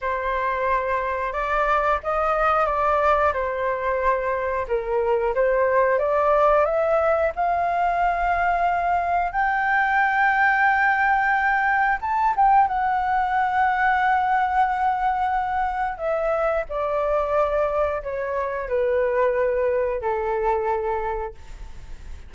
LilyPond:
\new Staff \with { instrumentName = "flute" } { \time 4/4 \tempo 4 = 90 c''2 d''4 dis''4 | d''4 c''2 ais'4 | c''4 d''4 e''4 f''4~ | f''2 g''2~ |
g''2 a''8 g''8 fis''4~ | fis''1 | e''4 d''2 cis''4 | b'2 a'2 | }